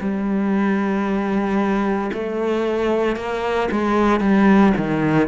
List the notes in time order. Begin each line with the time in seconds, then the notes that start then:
0.00 G3
2.13 A3
3.16 A#3
3.71 G#3
4.20 G3
4.77 D#3